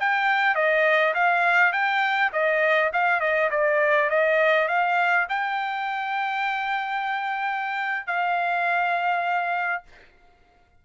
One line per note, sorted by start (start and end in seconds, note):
0.00 0.55 G5
0.55 1.14 D#5
1.14 1.73 F5
1.73 2.32 G5
2.33 2.91 D#5
2.93 3.21 F5
3.21 3.50 D#5
3.51 4.10 D5
4.10 4.68 D#5
4.68 5.27 F5
5.29 8.07 G5
8.07 9.83 F5